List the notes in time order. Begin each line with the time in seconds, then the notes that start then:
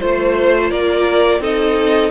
0.00 A3 F4 C5
0.70 A#3 A#4 D5
1.39 C4 D#4 A4 D#5